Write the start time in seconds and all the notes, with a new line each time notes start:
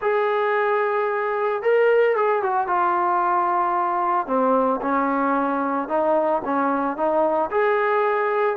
0.01 G#4
1.62 A#4
2.16 G#4
2.42 F#4
2.67 F4
4.27 C4
4.81 C#4
5.88 D#4
6.45 C#4
6.96 D#4
7.50 G#4